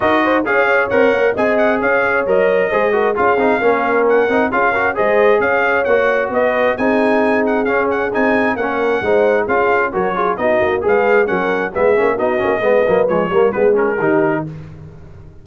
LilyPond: <<
  \new Staff \with { instrumentName = "trumpet" } { \time 4/4 \tempo 4 = 133 dis''4 f''4 fis''4 gis''8 fis''8 | f''4 dis''2 f''4~ | f''4 fis''4 f''4 dis''4 | f''4 fis''4 dis''4 gis''4~ |
gis''8 fis''8 f''8 fis''8 gis''4 fis''4~ | fis''4 f''4 cis''4 dis''4 | f''4 fis''4 e''4 dis''4~ | dis''4 cis''4 b'8 ais'4. | }
  \new Staff \with { instrumentName = "horn" } { \time 4/4 ais'8 c''8 cis''2 dis''4 | cis''2 c''8 ais'8 gis'4 | ais'2 gis'8 ais'8 c''4 | cis''2 b'4 gis'4~ |
gis'2. ais'4 | c''4 gis'4 ais'8 gis'8 fis'4 | b'4 ais'4 gis'4 fis'4 | b'4. ais'8 gis'4 g'4 | }
  \new Staff \with { instrumentName = "trombone" } { \time 4/4 fis'4 gis'4 ais'4 gis'4~ | gis'4 ais'4 gis'8 fis'8 f'8 dis'8 | cis'4. dis'8 f'8 fis'8 gis'4~ | gis'4 fis'2 dis'4~ |
dis'4 cis'4 dis'4 cis'4 | dis'4 f'4 fis'8 f'8 dis'4 | gis'4 cis'4 b8 cis'8 dis'8 cis'8 | b8 ais8 gis8 ais8 b8 cis'8 dis'4 | }
  \new Staff \with { instrumentName = "tuba" } { \time 4/4 dis'4 cis'4 c'8 ais8 c'4 | cis'4 fis4 gis4 cis'8 c'8 | ais4. c'8 cis'4 gis4 | cis'4 ais4 b4 c'4~ |
c'4 cis'4 c'4 ais4 | gis4 cis'4 fis4 b8 ais8 | gis4 fis4 gis8 ais8 b8 ais8 | gis8 fis8 f8 g8 gis4 dis4 | }
>>